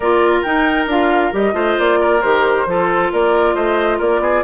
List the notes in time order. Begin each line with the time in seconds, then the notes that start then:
0.00 A#3 F4 A#4 D5
0.42 D#4 G5
0.86 D4 F4 F5
1.32 G3 G4 D#5
1.53 A3 F4 C5
1.78 A#3 D5
2.00 A#4
2.21 D#3 G4 C5
2.65 F3 F4 A4
3.12 A#3 A#4 D5
3.54 A3 C5 D#5
3.98 A#3 A#4 D5
4.19 B3 G#4